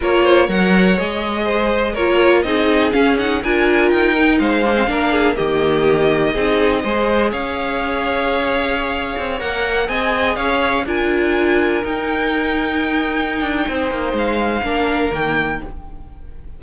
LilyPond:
<<
  \new Staff \with { instrumentName = "violin" } { \time 4/4 \tempo 4 = 123 cis''4 fis''4 dis''2 | cis''4 dis''4 f''8 fis''8 gis''4 | g''4 f''2 dis''4~ | dis''2. f''4~ |
f''2.~ f''16 fis''8.~ | fis''16 gis''4 f''4 gis''4.~ gis''16~ | gis''16 g''2.~ g''8.~ | g''4 f''2 g''4 | }
  \new Staff \with { instrumentName = "violin" } { \time 4/4 ais'8 c''8 cis''2 c''4 | ais'4 gis'2 ais'4~ | ais'4 c''4 ais'8 gis'8 g'4~ | g'4 gis'4 c''4 cis''4~ |
cis''1~ | cis''16 dis''4 cis''4 ais'4.~ ais'16~ | ais'1 | c''2 ais'2 | }
  \new Staff \with { instrumentName = "viola" } { \time 4/4 f'4 ais'4 gis'2 | f'4 dis'4 cis'8 dis'8 f'4~ | f'8 dis'4 d'16 c'16 d'4 ais4~ | ais4 dis'4 gis'2~ |
gis'2.~ gis'16 ais'8.~ | ais'16 gis'2 f'4.~ f'16~ | f'16 dis'2.~ dis'8.~ | dis'2 d'4 ais4 | }
  \new Staff \with { instrumentName = "cello" } { \time 4/4 ais4 fis4 gis2 | ais4 c'4 cis'4 d'4 | dis'4 gis4 ais4 dis4~ | dis4 c'4 gis4 cis'4~ |
cis'2~ cis'8. c'8 ais8.~ | ais16 c'4 cis'4 d'4.~ d'16~ | d'16 dis'2.~ dis'16 d'8 | c'8 ais8 gis4 ais4 dis4 | }
>>